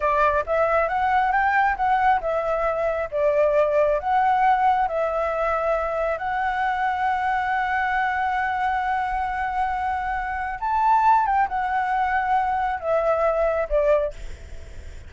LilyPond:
\new Staff \with { instrumentName = "flute" } { \time 4/4 \tempo 4 = 136 d''4 e''4 fis''4 g''4 | fis''4 e''2 d''4~ | d''4 fis''2 e''4~ | e''2 fis''2~ |
fis''1~ | fis''1 | a''4. g''8 fis''2~ | fis''4 e''2 d''4 | }